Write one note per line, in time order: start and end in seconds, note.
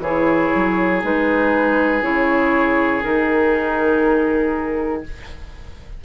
0.00 0.50 E3
0.00 1.03 E4
0.00 5.03 G#4
0.00 1.02 C#5
0.55 1.04 F#3
1.03 2.02 G#3
1.03 2.02 D#4
1.03 2.03 B4
2.02 3.02 C#3
2.02 3.02 E4
2.02 3.03 C#5
3.03 5.05 D#3
3.03 5.03 D#4
3.03 5.04 A#4